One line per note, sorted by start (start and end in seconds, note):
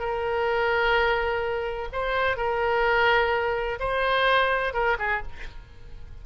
0.00 1.89 A#4
1.93 2.38 C5
2.38 3.79 A#4
3.80 4.74 C5
4.74 4.98 A#4
4.99 5.23 G#4